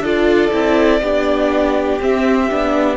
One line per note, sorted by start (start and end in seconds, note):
0.00 0.49 D4
0.00 0.51 F4
0.00 1.01 A4
0.00 2.02 D5
0.51 1.00 C4
0.51 1.01 E4
1.00 1.99 B3
1.00 2.00 D4
1.00 2.97 G4
2.00 2.49 C4
2.00 2.51 C4
2.00 2.97 E5
2.50 2.97 B3
2.50 2.97 D4